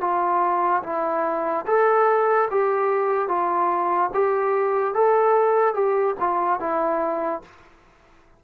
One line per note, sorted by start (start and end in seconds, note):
0.00 0.82 F4
0.83 1.65 E4
1.66 2.48 A4
2.50 3.28 G4
3.28 4.10 F4
4.13 4.94 G4
4.94 5.74 A4
5.74 6.15 G4
6.20 6.59 F4
6.59 7.42 E4